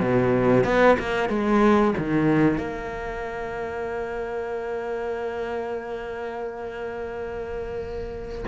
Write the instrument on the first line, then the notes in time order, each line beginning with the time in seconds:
cello
0.00 B2
0.65 B3
0.99 A#3
1.30 G#3
1.98 D#3
2.58 A#3